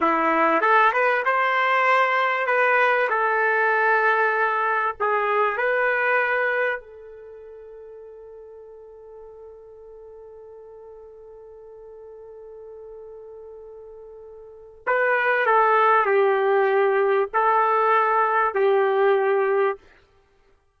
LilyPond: \new Staff \with { instrumentName = "trumpet" } { \time 4/4 \tempo 4 = 97 e'4 a'8 b'8 c''2 | b'4 a'2. | gis'4 b'2 a'4~ | a'1~ |
a'1~ | a'1 | b'4 a'4 g'2 | a'2 g'2 | }